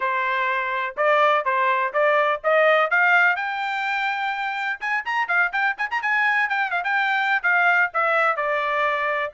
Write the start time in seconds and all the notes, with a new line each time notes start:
0.00 C5
0.96 D5
1.44 C5
1.93 D5
2.43 D#5
2.90 F5
3.36 G5
4.80 G#5
5.05 A#5
5.28 F5
5.52 G5
5.77 G#5
5.91 A#5
6.02 G#5
6.49 G5
6.71 F5
6.83 G5
7.42 F5
7.93 E5
8.36 D5